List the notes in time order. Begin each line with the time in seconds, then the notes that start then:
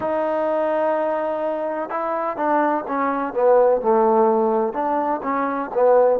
0.00 D#4
1.89 E4
2.36 D4
2.87 C#4
3.33 B3
3.81 A3
4.73 D4
5.22 C#4
5.74 B3